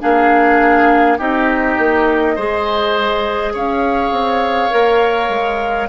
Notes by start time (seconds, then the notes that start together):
0.00 A#3 D4 G#4 F5
1.18 C4 D#4 G4 D#5
1.78 A#3
2.35 G#3 G#4 C5
3.53 C#4 C#5 F5
4.11 C4
4.70 A#3 A#4
5.29 G#3